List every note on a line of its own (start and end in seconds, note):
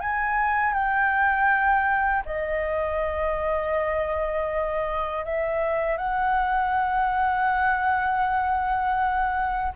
0.00 0.73 G#5
0.73 2.23 G5
2.25 5.24 D#5
5.24 5.97 E5
5.97 9.72 F#5